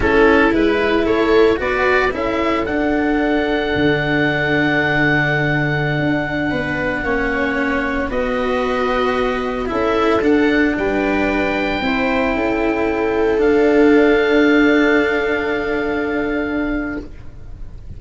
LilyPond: <<
  \new Staff \with { instrumentName = "oboe" } { \time 4/4 \tempo 4 = 113 a'4 b'4 cis''4 d''4 | e''4 fis''2.~ | fis''1~ | fis''2.~ fis''16 dis''8.~ |
dis''2~ dis''16 e''4 fis''8.~ | fis''16 g''2.~ g''8.~ | g''4~ g''16 f''2~ f''8.~ | f''1 | }
  \new Staff \with { instrumentName = "viola" } { \time 4/4 e'2 a'4 b'4 | a'1~ | a'1~ | a'16 b'4 cis''2 b'8.~ |
b'2~ b'16 a'4.~ a'16~ | a'16 b'2 c''4 a'8.~ | a'1~ | a'1 | }
  \new Staff \with { instrumentName = "cello" } { \time 4/4 cis'4 e'2 fis'4 | e'4 d'2.~ | d'1~ | d'4~ d'16 cis'2 fis'8.~ |
fis'2~ fis'16 e'4 d'8.~ | d'2~ d'16 e'4.~ e'16~ | e'4~ e'16 d'2~ d'8.~ | d'1 | }
  \new Staff \with { instrumentName = "tuba" } { \time 4/4 a4 gis4 a4 b4 | cis'4 d'2 d4~ | d2.~ d16 d'8.~ | d'16 b4 ais2 b8.~ |
b2~ b16 cis'4 d'8.~ | d'16 g2 c'4 cis'8.~ | cis'4~ cis'16 d'2~ d'8.~ | d'1 | }
>>